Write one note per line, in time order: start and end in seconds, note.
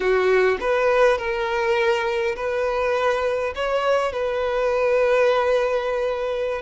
0.00 0.57 F#4
0.60 1.18 B4
1.18 2.35 A#4
2.35 3.53 B4
3.55 4.12 C#5
4.12 6.61 B4